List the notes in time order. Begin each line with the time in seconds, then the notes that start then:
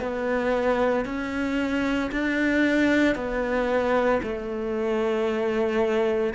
0.00 B3
1.05 C#4
2.12 D4
3.15 B3
4.23 A3